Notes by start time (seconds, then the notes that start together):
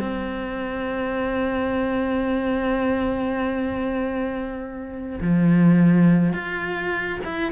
0.00 C4
5.21 F3
6.33 F4
7.24 E4